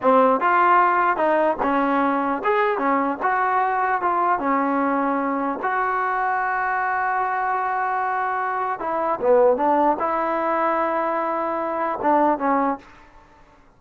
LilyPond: \new Staff \with { instrumentName = "trombone" } { \time 4/4 \tempo 4 = 150 c'4 f'2 dis'4 | cis'2 gis'4 cis'4 | fis'2 f'4 cis'4~ | cis'2 fis'2~ |
fis'1~ | fis'2 e'4 b4 | d'4 e'2.~ | e'2 d'4 cis'4 | }